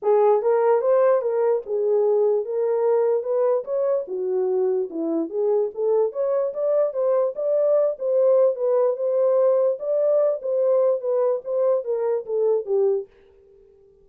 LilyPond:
\new Staff \with { instrumentName = "horn" } { \time 4/4 \tempo 4 = 147 gis'4 ais'4 c''4 ais'4 | gis'2 ais'2 | b'4 cis''4 fis'2 | e'4 gis'4 a'4 cis''4 |
d''4 c''4 d''4. c''8~ | c''4 b'4 c''2 | d''4. c''4. b'4 | c''4 ais'4 a'4 g'4 | }